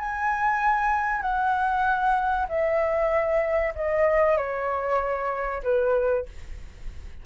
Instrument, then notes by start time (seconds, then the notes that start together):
flute
0.00 G#5
1.22 F#5
2.49 E5
3.76 D#5
4.38 C#5
5.64 B4